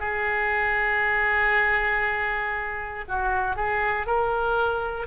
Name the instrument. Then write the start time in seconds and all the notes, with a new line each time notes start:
oboe
0.00 G#4
3.08 F#4
3.56 G#4
4.07 A#4